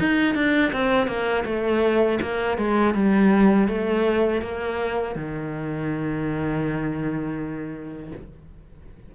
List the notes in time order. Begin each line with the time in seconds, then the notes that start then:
0.00 D#4
0.35 D4
0.73 C4
1.07 A#3
1.45 A3
2.22 A#3
2.58 G#3
2.95 G3
3.69 A3
4.42 A#3
5.16 D#3